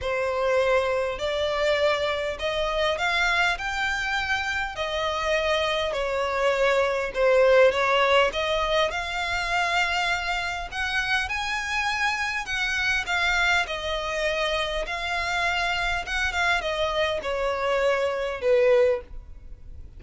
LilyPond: \new Staff \with { instrumentName = "violin" } { \time 4/4 \tempo 4 = 101 c''2 d''2 | dis''4 f''4 g''2 | dis''2 cis''2 | c''4 cis''4 dis''4 f''4~ |
f''2 fis''4 gis''4~ | gis''4 fis''4 f''4 dis''4~ | dis''4 f''2 fis''8 f''8 | dis''4 cis''2 b'4 | }